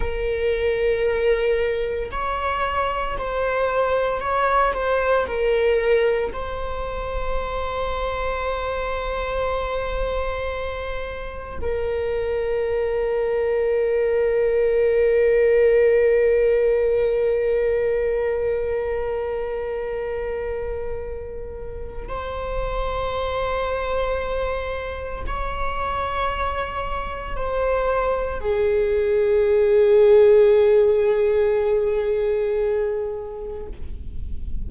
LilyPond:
\new Staff \with { instrumentName = "viola" } { \time 4/4 \tempo 4 = 57 ais'2 cis''4 c''4 | cis''8 c''8 ais'4 c''2~ | c''2. ais'4~ | ais'1~ |
ais'1~ | ais'4 c''2. | cis''2 c''4 gis'4~ | gis'1 | }